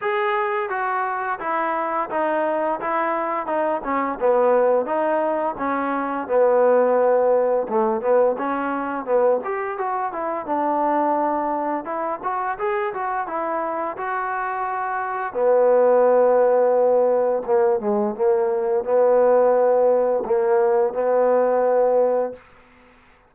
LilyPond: \new Staff \with { instrumentName = "trombone" } { \time 4/4 \tempo 4 = 86 gis'4 fis'4 e'4 dis'4 | e'4 dis'8 cis'8 b4 dis'4 | cis'4 b2 a8 b8 | cis'4 b8 g'8 fis'8 e'8 d'4~ |
d'4 e'8 fis'8 gis'8 fis'8 e'4 | fis'2 b2~ | b4 ais8 gis8 ais4 b4~ | b4 ais4 b2 | }